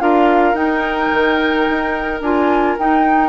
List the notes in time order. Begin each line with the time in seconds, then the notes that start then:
0.00 D4 F4 A#4 F5
0.54 D#4 G5
1.13 D#3
1.70 D#4
2.21 D4 F4 G#5
2.79 D#4 G5